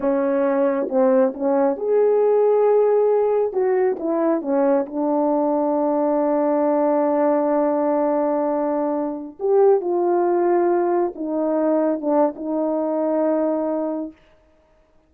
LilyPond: \new Staff \with { instrumentName = "horn" } { \time 4/4 \tempo 4 = 136 cis'2 c'4 cis'4 | gis'1 | fis'4 e'4 cis'4 d'4~ | d'1~ |
d'1~ | d'4~ d'16 g'4 f'4.~ f'16~ | f'4~ f'16 dis'2 d'8. | dis'1 | }